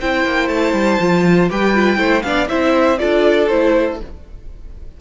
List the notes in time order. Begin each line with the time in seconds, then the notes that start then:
0.00 C4 E4 C5 G5
0.25 A#3
0.49 A3 A5
0.73 G3
1.00 F3 F4
1.50 G3 G4 B4 G5
1.75 F4
1.97 A3 E4 C5
2.23 B3 D4 D5 F5
2.48 C4 E4 C5 E5
2.99 D4 F4 A4 D5
3.48 A3 E4 C5